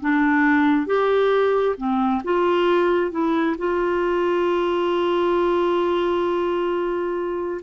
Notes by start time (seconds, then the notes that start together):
0.00 D4
0.86 G4
1.77 C4
2.23 F4
3.11 E4
3.58 F4